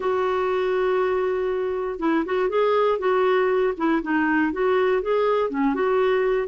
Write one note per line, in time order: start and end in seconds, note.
0.00 1.99 F#4
1.99 2.24 E4
2.25 2.49 F#4
2.49 2.98 G#4
2.98 3.73 F#4
3.77 4.02 E4
4.02 4.52 D#4
4.52 5.02 F#4
5.02 5.50 G#4
5.50 5.74 C#4
5.74 6.47 F#4